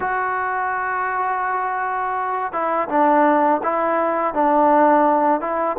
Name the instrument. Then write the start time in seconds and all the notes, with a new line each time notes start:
trombone
0.00 F#4
2.52 E4
2.88 D4
3.63 E4
4.34 D4
5.40 E4